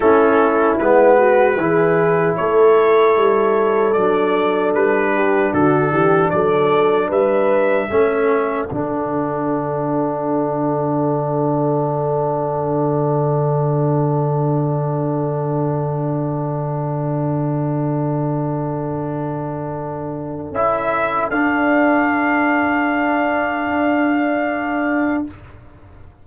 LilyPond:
<<
  \new Staff \with { instrumentName = "trumpet" } { \time 4/4 \tempo 4 = 76 a'4 b'2 cis''4~ | cis''4 d''4 b'4 a'4 | d''4 e''2 fis''4~ | fis''1~ |
fis''1~ | fis''1~ | fis''2 e''4 f''4~ | f''1 | }
  \new Staff \with { instrumentName = "horn" } { \time 4/4 e'4. fis'8 gis'4 a'4~ | a'2~ a'8 g'8 fis'8 g'8 | a'4 b'4 a'2~ | a'1~ |
a'1~ | a'1~ | a'1~ | a'1 | }
  \new Staff \with { instrumentName = "trombone" } { \time 4/4 cis'4 b4 e'2~ | e'4 d'2.~ | d'2 cis'4 d'4~ | d'1~ |
d'1~ | d'1~ | d'2 e'4 d'4~ | d'1 | }
  \new Staff \with { instrumentName = "tuba" } { \time 4/4 a4 gis4 e4 a4 | g4 fis4 g4 d8 e8 | fis4 g4 a4 d4~ | d1~ |
d1~ | d1~ | d2 cis'4 d'4~ | d'1 | }
>>